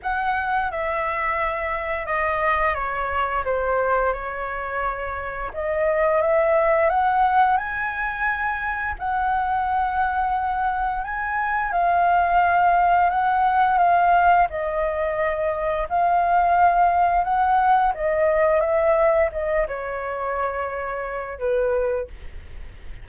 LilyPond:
\new Staff \with { instrumentName = "flute" } { \time 4/4 \tempo 4 = 87 fis''4 e''2 dis''4 | cis''4 c''4 cis''2 | dis''4 e''4 fis''4 gis''4~ | gis''4 fis''2. |
gis''4 f''2 fis''4 | f''4 dis''2 f''4~ | f''4 fis''4 dis''4 e''4 | dis''8 cis''2~ cis''8 b'4 | }